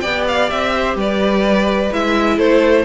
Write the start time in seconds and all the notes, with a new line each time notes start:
0.00 B3 G4 D5 G5
0.28 F5
0.50 C4 E5
0.75 C5
0.96 G3 B4 D5
1.92 G#3 E4 E5
2.36 A3 A4 C5